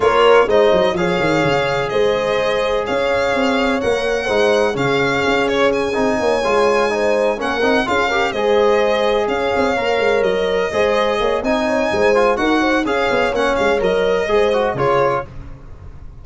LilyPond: <<
  \new Staff \with { instrumentName = "violin" } { \time 4/4 \tempo 4 = 126 cis''4 dis''4 f''2 | dis''2 f''2 | fis''2 f''4. cis''8 | gis''2.~ gis''8 fis''8~ |
fis''8 f''4 dis''2 f''8~ | f''4. dis''2~ dis''8 | gis''2 fis''4 f''4 | fis''8 f''8 dis''2 cis''4 | }
  \new Staff \with { instrumentName = "horn" } { \time 4/4 ais'4 c''4 cis''2 | c''2 cis''2~ | cis''4 c''4 gis'2~ | gis'4 cis''4. c''4 ais'8~ |
ais'8 gis'8 ais'8 c''2 cis''8~ | cis''2~ cis''8 c''4 cis''8 | dis''8 cis''8 c''4 ais'8 c''8 cis''4~ | cis''2 c''4 gis'4 | }
  \new Staff \with { instrumentName = "trombone" } { \time 4/4 f'4 dis'4 gis'2~ | gis'1 | ais'4 dis'4 cis'2~ | cis'8 dis'4 f'4 dis'4 cis'8 |
dis'8 f'8 g'8 gis'2~ gis'8~ | gis'8 ais'2 gis'4. | dis'4. f'8 fis'4 gis'4 | cis'4 ais'4 gis'8 fis'8 f'4 | }
  \new Staff \with { instrumentName = "tuba" } { \time 4/4 ais4 gis8 fis8 f8 dis8 cis4 | gis2 cis'4 c'4 | ais4 gis4 cis4 cis'4~ | cis'8 c'8 ais8 gis2 ais8 |
c'8 cis'4 gis2 cis'8 | c'8 ais8 gis8 fis4 gis4 ais8 | c'4 gis4 dis'4 cis'8 b8 | ais8 gis8 fis4 gis4 cis4 | }
>>